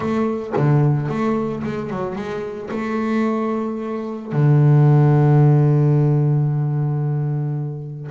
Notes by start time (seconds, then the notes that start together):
0.00 A3
0.56 D3
1.08 A3
1.63 G#3
1.90 F#3
2.15 G#3
2.70 A3
4.32 D3